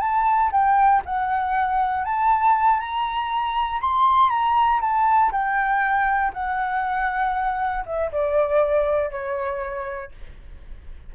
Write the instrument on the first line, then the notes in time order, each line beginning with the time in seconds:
flute
0.00 A5
0.51 G5
1.05 F#5
2.04 A5
2.79 A#5
3.80 C6
4.29 A#5
4.80 A5
5.31 G5
6.33 F#5
7.85 E5
8.11 D5
9.10 C#5